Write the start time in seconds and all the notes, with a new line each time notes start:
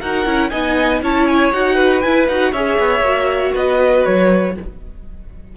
0.00 D#4 F#4 A#4 F#5
0.25 C#4 E4
0.50 B3 D#4 D#5 G#5
1.02 C#4 E4 C#5 A5
1.27 G#5
1.53 D#4 F#4 F#5
1.75 B4
2.01 E4 G#5
2.28 D#4 F#4 F#5
2.53 C#4 G#4 C#5 E5
2.79 B3
3.00 A#3 F#4
3.54 B3 B4 D#5
4.05 F#3 C#5